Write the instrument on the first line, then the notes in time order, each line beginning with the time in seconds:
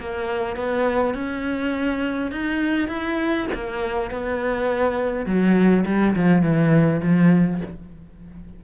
cello
0.00 A#3
0.56 B3
1.14 C#4
2.31 D#4
2.88 E4
3.55 A#3
4.11 B3
5.26 F#3
5.85 G3
6.15 F3
6.42 E3
7.02 F3